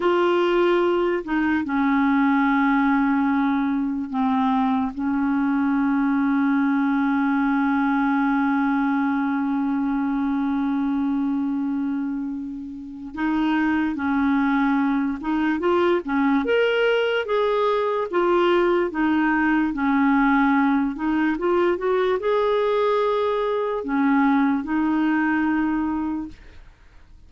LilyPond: \new Staff \with { instrumentName = "clarinet" } { \time 4/4 \tempo 4 = 73 f'4. dis'8 cis'2~ | cis'4 c'4 cis'2~ | cis'1~ | cis'1 |
dis'4 cis'4. dis'8 f'8 cis'8 | ais'4 gis'4 f'4 dis'4 | cis'4. dis'8 f'8 fis'8 gis'4~ | gis'4 cis'4 dis'2 | }